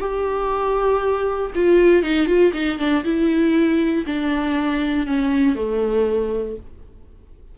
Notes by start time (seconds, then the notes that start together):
0.00 G4
1.55 F4
2.03 D#4
2.27 F4
2.54 D#4
2.79 D4
3.04 E4
4.06 D4
5.07 C#4
5.56 A3